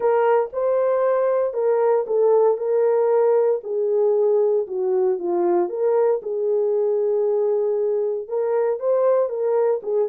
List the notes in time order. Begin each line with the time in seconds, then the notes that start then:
0.00 A#4
0.52 C5
1.53 A#4
2.06 A4
2.57 A#4
3.63 G#4
4.67 F#4
5.18 F4
5.69 A#4
6.22 G#4
8.28 A#4
8.79 C5
9.29 A#4
9.82 G#4